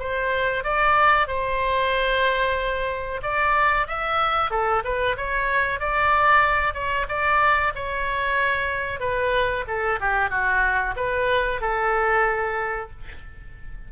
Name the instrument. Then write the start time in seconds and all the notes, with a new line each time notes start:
oboe
0.00 C5
0.64 D5
1.28 C5
3.23 D5
3.88 E5
4.51 A4
4.84 B4
5.18 C#5
5.80 D5
6.74 C#5
7.09 D5
7.76 C#5
9.00 B4
9.68 A4
10.01 G4
10.30 F#4
10.97 B4
11.61 A4